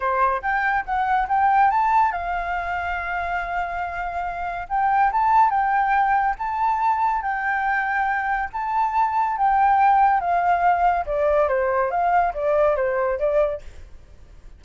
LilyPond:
\new Staff \with { instrumentName = "flute" } { \time 4/4 \tempo 4 = 141 c''4 g''4 fis''4 g''4 | a''4 f''2.~ | f''2. g''4 | a''4 g''2 a''4~ |
a''4 g''2. | a''2 g''2 | f''2 d''4 c''4 | f''4 d''4 c''4 d''4 | }